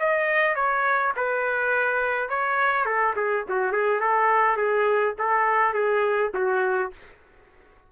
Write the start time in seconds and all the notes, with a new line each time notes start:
0.00 D#5
0.56 C#5
1.17 B4
2.30 C#5
2.86 A4
3.17 G#4
3.49 F#4
3.72 G#4
4.01 A4
4.57 G#4
5.19 A4
5.74 G#4
6.34 F#4